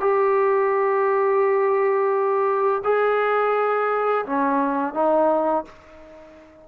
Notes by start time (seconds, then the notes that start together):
0.00 G4
2.84 G#4
4.26 C#4
4.94 D#4